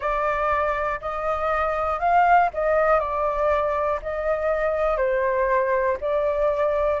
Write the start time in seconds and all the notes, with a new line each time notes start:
0.00 D5
1.00 D#5
1.99 F5
2.53 D#5
2.99 D5
4.02 D#5
4.97 C5
6.00 D5